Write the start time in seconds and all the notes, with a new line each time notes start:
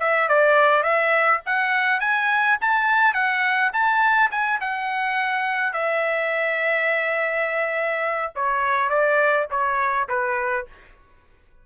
0.00 E5
0.29 D5
0.83 E5
1.46 F#5
2.00 G#5
2.61 A5
3.14 F#5
3.73 A5
4.31 G#5
4.61 F#5
5.73 E5
8.36 C#5
8.90 D5
9.51 C#5
10.09 B4